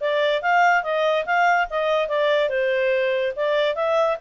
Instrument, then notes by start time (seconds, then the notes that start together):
clarinet
0.00 D5
0.42 F5
0.83 D#5
1.25 F5
1.70 D#5
2.08 D5
2.49 C5
3.36 D5
3.75 E5